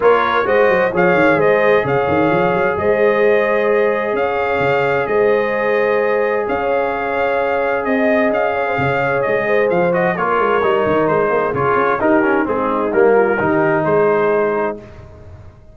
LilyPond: <<
  \new Staff \with { instrumentName = "trumpet" } { \time 4/4 \tempo 4 = 130 cis''4 dis''4 f''4 dis''4 | f''2 dis''2~ | dis''4 f''2 dis''4~ | dis''2 f''2~ |
f''4 dis''4 f''2 | dis''4 f''8 dis''8 cis''2 | c''4 cis''4 ais'4 gis'4 | ais'2 c''2 | }
  \new Staff \with { instrumentName = "horn" } { \time 4/4 ais'4 c''4 cis''4 c''4 | cis''2 c''2~ | c''4 cis''2 c''4~ | c''2 cis''2~ |
cis''4 dis''4. cis''16 c''16 cis''4~ | cis''8 c''4. ais'2~ | ais'8 gis'4. g'4 dis'4~ | dis'8 f'8 g'4 gis'2 | }
  \new Staff \with { instrumentName = "trombone" } { \time 4/4 f'4 fis'4 gis'2~ | gis'1~ | gis'1~ | gis'1~ |
gis'1~ | gis'4. fis'8 f'4 dis'4~ | dis'4 f'4 dis'8 cis'8 c'4 | ais4 dis'2. | }
  \new Staff \with { instrumentName = "tuba" } { \time 4/4 ais4 gis8 fis8 f8 dis8 gis4 | cis8 dis8 f8 fis8 gis2~ | gis4 cis'4 cis4 gis4~ | gis2 cis'2~ |
cis'4 c'4 cis'4 cis4 | gis4 f4 ais8 gis8 g8 dis8 | gis8 ais8 cis8 cis'8 dis'4 gis4 | g4 dis4 gis2 | }
>>